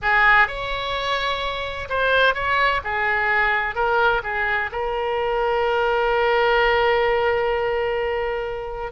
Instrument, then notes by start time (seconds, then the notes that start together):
oboe
0.02 G#4
0.47 C#5
1.89 C5
2.34 C#5
2.84 G#4
3.75 A#4
4.23 G#4
4.72 A#4